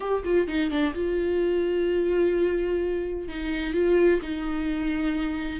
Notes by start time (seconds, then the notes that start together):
0.00 G4
0.24 F4
0.47 D#4
0.70 D4
0.94 F4
3.28 D#4
3.73 F4
4.22 D#4